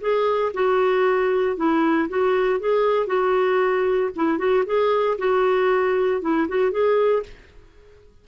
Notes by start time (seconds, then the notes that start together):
0.00 G#4
0.53 F#4
1.56 E4
2.09 F#4
2.60 G#4
3.06 F#4
4.15 E4
4.38 F#4
4.65 G#4
5.18 F#4
6.21 E4
6.48 F#4
6.71 G#4